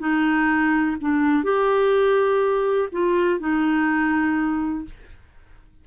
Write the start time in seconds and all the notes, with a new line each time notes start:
0.00 D#4
1.01 D4
1.44 G4
2.93 F4
3.40 D#4